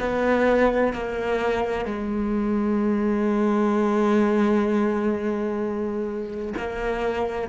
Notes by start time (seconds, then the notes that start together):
0.00 B3
0.93 A#3
1.85 G#3
6.57 A#3